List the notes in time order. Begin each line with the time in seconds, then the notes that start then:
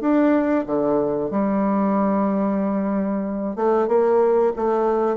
0.00 D4
0.66 D3
1.30 G3
3.55 A3
3.88 A#3
4.56 A3